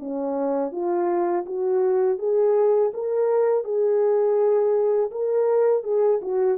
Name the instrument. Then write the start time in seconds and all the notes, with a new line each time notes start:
horn
0.00 C#4
0.73 F4
1.46 F#4
2.19 G#4
2.94 A#4
3.65 G#4
5.12 A#4
5.84 G#4
6.23 F#4